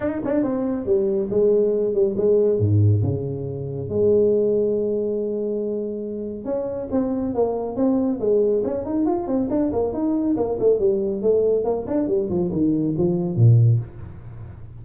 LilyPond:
\new Staff \with { instrumentName = "tuba" } { \time 4/4 \tempo 4 = 139 dis'8 d'8 c'4 g4 gis4~ | gis8 g8 gis4 gis,4 cis4~ | cis4 gis2.~ | gis2. cis'4 |
c'4 ais4 c'4 gis4 | cis'8 dis'8 f'8 c'8 d'8 ais8 dis'4 | ais8 a8 g4 a4 ais8 d'8 | g8 f8 dis4 f4 ais,4 | }